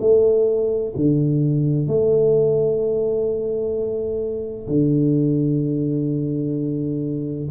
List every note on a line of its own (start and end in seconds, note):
0.00 0.94 A3
0.96 1.87 D3
1.87 4.68 A3
4.68 7.49 D3